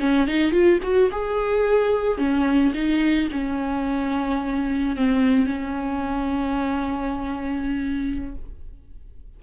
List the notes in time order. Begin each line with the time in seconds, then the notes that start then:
0.00 C#4
0.27 D#4
0.52 F4
0.83 F#4
1.12 G#4
2.18 C#4
2.74 D#4
3.32 C#4
4.96 C4
5.46 C#4